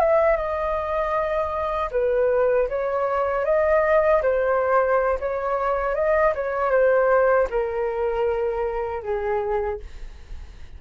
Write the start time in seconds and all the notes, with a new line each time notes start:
0.00 E5
0.37 D#5
1.92 B4
2.69 C#5
3.45 D#5
4.23 C5
5.20 C#5
5.95 D#5
6.35 C#5
6.71 C5
7.50 A#4
9.03 G#4